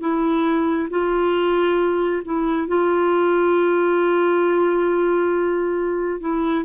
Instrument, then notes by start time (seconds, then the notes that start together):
clarinet
0.00 E4
0.90 F4
2.25 E4
2.67 F4
6.20 E4